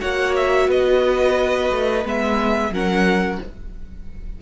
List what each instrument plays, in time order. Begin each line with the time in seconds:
0.00 cello A#3, viola F#4, violin C#5 F#5
0.36 violin E5
0.68 cello B3, violin B4 D#5
1.71 cello A3
2.05 cello G#3, viola B3, violin E5
2.70 cello F#3, viola C#4, violin A#4 F#5